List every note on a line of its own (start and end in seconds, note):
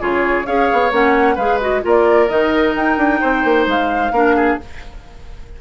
0.00 0.47 C#3
0.00 0.46 F4
0.00 0.47 G#4
0.00 0.46 C#5
0.46 0.70 C#4
0.46 0.91 G#4
0.46 1.35 C#5
0.46 0.92 F5
0.73 0.92 B3
0.91 1.37 A#3
0.91 1.37 C#4
0.91 1.37 F#5
1.35 1.83 G#3
1.35 1.61 G#4
1.35 1.81 B4
1.35 1.60 F5
1.61 1.82 F#4
1.61 1.84 D#5
1.82 2.30 A#3
1.82 2.28 F4
1.82 3.21 A#4
1.88 2.29 D5
2.29 2.76 D#3
2.29 4.12 D#4
2.29 2.75 D#5
2.76 2.98 D#4
2.76 3.67 G5
2.98 3.21 D4
3.21 3.45 C4
3.21 4.13 C5
3.45 3.67 A#3
3.67 4.12 G#3
3.67 4.61 F5
4.12 4.58 A#3
4.12 4.60 D4
4.12 4.36 A#4
4.36 4.59 G#4